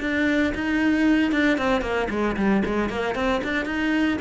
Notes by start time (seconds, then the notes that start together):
0.00 D4
0.55 D#4
1.31 D4
1.58 C4
1.81 A#3
2.10 G#3
2.36 G3
2.65 G#3
2.89 A#3
3.15 C4
3.44 D4
3.65 D#4